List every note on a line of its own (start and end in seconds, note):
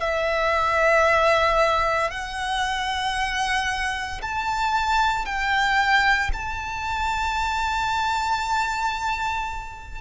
0.00 2.11 E5
2.11 4.21 F#5
4.22 5.25 A5
5.25 6.31 G5
6.33 10.01 A5